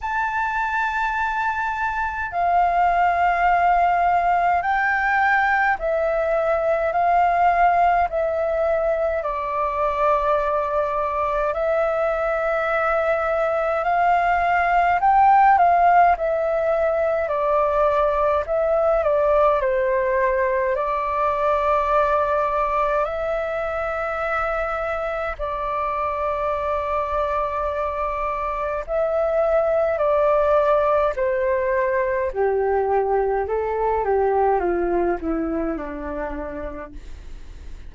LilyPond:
\new Staff \with { instrumentName = "flute" } { \time 4/4 \tempo 4 = 52 a''2 f''2 | g''4 e''4 f''4 e''4 | d''2 e''2 | f''4 g''8 f''8 e''4 d''4 |
e''8 d''8 c''4 d''2 | e''2 d''2~ | d''4 e''4 d''4 c''4 | g'4 a'8 g'8 f'8 e'8 d'4 | }